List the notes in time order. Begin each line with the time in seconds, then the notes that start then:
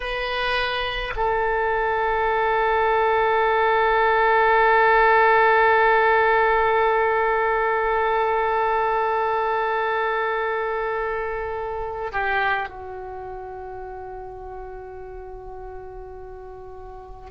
0.00 B4
1.15 A4
12.12 G4
12.69 F#4